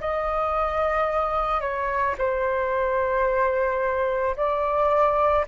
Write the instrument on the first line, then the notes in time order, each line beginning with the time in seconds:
flute
0.00 D#5
1.60 C#5
2.18 C5
4.36 D5